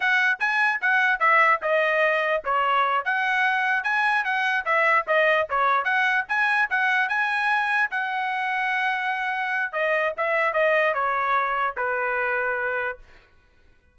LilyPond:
\new Staff \with { instrumentName = "trumpet" } { \time 4/4 \tempo 4 = 148 fis''4 gis''4 fis''4 e''4 | dis''2 cis''4. fis''8~ | fis''4. gis''4 fis''4 e''8~ | e''8 dis''4 cis''4 fis''4 gis''8~ |
gis''8 fis''4 gis''2 fis''8~ | fis''1 | dis''4 e''4 dis''4 cis''4~ | cis''4 b'2. | }